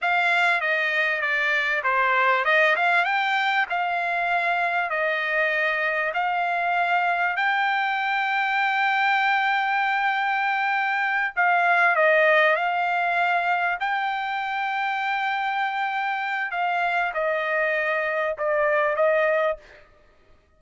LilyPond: \new Staff \with { instrumentName = "trumpet" } { \time 4/4 \tempo 4 = 98 f''4 dis''4 d''4 c''4 | dis''8 f''8 g''4 f''2 | dis''2 f''2 | g''1~ |
g''2~ g''8 f''4 dis''8~ | dis''8 f''2 g''4.~ | g''2. f''4 | dis''2 d''4 dis''4 | }